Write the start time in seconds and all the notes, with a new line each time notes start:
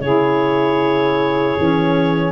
0.00 C#3 E4 G#4 C#5
1.57 E3 C#4